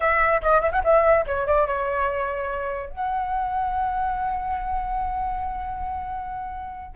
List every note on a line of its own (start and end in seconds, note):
0.00 0.41 E5
0.41 0.61 D#5
0.61 0.71 E5
0.72 0.82 F#5
0.84 1.25 E5
1.26 1.46 C#5
1.46 1.66 D5
1.66 2.90 C#5
2.90 6.95 F#5